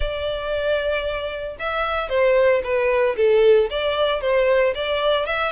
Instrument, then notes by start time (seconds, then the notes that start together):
violin
0.00 D5
1.59 E5
2.09 C5
2.63 B4
3.17 A4
3.69 D5
4.21 C5
4.74 D5
5.26 E5